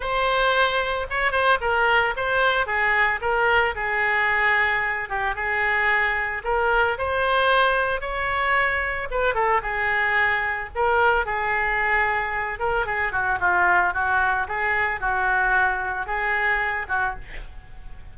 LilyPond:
\new Staff \with { instrumentName = "oboe" } { \time 4/4 \tempo 4 = 112 c''2 cis''8 c''8 ais'4 | c''4 gis'4 ais'4 gis'4~ | gis'4. g'8 gis'2 | ais'4 c''2 cis''4~ |
cis''4 b'8 a'8 gis'2 | ais'4 gis'2~ gis'8 ais'8 | gis'8 fis'8 f'4 fis'4 gis'4 | fis'2 gis'4. fis'8 | }